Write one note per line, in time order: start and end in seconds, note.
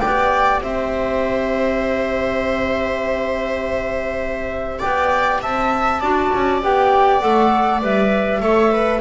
0.00 0.61 B3
0.00 6.00 G4
0.00 0.61 D5
0.00 0.60 G5
0.61 4.81 C4
0.61 4.79 C5
0.61 4.81 E5
4.79 5.44 B3
4.79 5.39 D5
4.79 5.41 G5
5.42 6.02 C4
5.42 6.00 E5
5.42 6.62 A5
6.00 6.32 D4
6.00 6.62 F#4
6.00 8.40 D5
6.34 6.63 C#4
6.62 7.23 B3
6.62 7.21 G4
6.62 7.21 G5
7.21 7.82 A3
7.21 7.81 A4
7.21 7.81 F#5
7.82 8.42 G3
7.82 8.41 B4
7.82 9.02 E5
8.41 9.02 A3
8.41 9.01 A4
8.41 8.72 C#5
8.72 9.02 B4